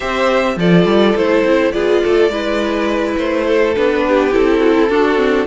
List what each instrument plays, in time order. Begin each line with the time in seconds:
0.00 cello C4, viola G4, violin C5 E5
0.56 cello F3, viola F4, violin A4 D5
0.85 cello G3
1.16 cello A3, viola E4, violin C5
1.44 cello C4
1.72 cello B3, viola F4, violin G#4 D5
2.02 cello A3, violin A4
2.29 cello G#3, viola E4, violin B4
3.17 cello A3, violin C5
3.47 violin A4
3.75 cello B3, viola D4, violin B4
4.07 violin G4
4.31 cello C4, viola E4, violin A4
4.59 violin F#4
4.76 violin E4
4.89 viola D4, cello D4, violin F#4
5.15 viola C4